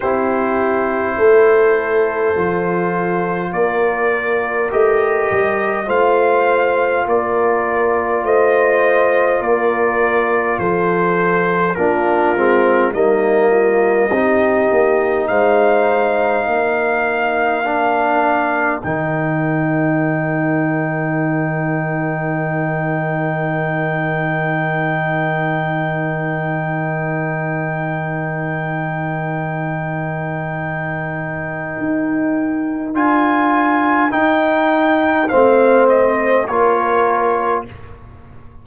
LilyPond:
<<
  \new Staff \with { instrumentName = "trumpet" } { \time 4/4 \tempo 4 = 51 c''2. d''4 | dis''4 f''4 d''4 dis''4 | d''4 c''4 ais'4 dis''4~ | dis''4 f''2. |
g''1~ | g''1~ | g''1 | gis''4 g''4 f''8 dis''8 cis''4 | }
  \new Staff \with { instrumentName = "horn" } { \time 4/4 g'4 a'2 ais'4~ | ais'4 c''4 ais'4 c''4 | ais'4 a'4 f'4 dis'8 f'8 | g'4 c''4 ais'2~ |
ais'1~ | ais'1~ | ais'1~ | ais'2 c''4 ais'4 | }
  \new Staff \with { instrumentName = "trombone" } { \time 4/4 e'2 f'2 | g'4 f'2.~ | f'2 d'8 c'8 ais4 | dis'2. d'4 |
dis'1~ | dis'1~ | dis'1 | f'4 dis'4 c'4 f'4 | }
  \new Staff \with { instrumentName = "tuba" } { \time 4/4 c'4 a4 f4 ais4 | a8 g8 a4 ais4 a4 | ais4 f4 ais8 gis8 g4 | c'8 ais8 gis4 ais2 |
dis1~ | dis1~ | dis2. dis'4 | d'4 dis'4 a4 ais4 | }
>>